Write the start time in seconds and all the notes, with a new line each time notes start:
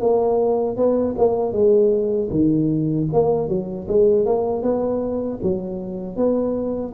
0.00 A#3
0.77 B3
1.18 A#3
1.52 G#3
2.30 D#3
3.13 A#3
3.49 F#3
3.88 G#3
4.26 A#3
4.63 B3
5.42 F#3
6.16 B3